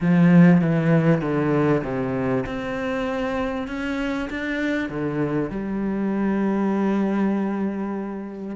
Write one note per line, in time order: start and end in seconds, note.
0.00 0.61 F3
0.61 1.21 E3
1.21 1.82 D3
1.83 2.44 C3
2.45 3.67 C4
3.67 4.28 C#4
4.30 4.89 D4
4.89 5.50 D3
5.50 8.55 G3